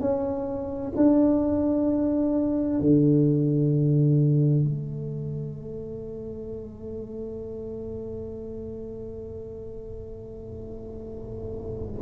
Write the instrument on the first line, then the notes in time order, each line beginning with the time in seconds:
tuba
0.00 C#4
0.97 D4
2.80 D3
4.64 A3